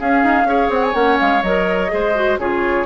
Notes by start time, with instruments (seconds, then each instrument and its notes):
0.00 bassoon C#4, clarinet C#4, oboe G#4, flute F5
0.24 bassoon D#4
0.45 bassoon C#4, clarinet G#4, oboe C#5
0.70 bassoon C4, flute F#5
0.84 flute G#5
0.94 bassoon A#3, clarinet C#4, flute F#5
1.20 bassoon G#3, flute F5
1.43 bassoon F#3, clarinet A#4, flute D#5
1.89 bassoon G#3, clarinet G#4, oboe C5
2.15 clarinet F#4
2.38 bassoon C#3, clarinet F4, oboe G#4, flute C#5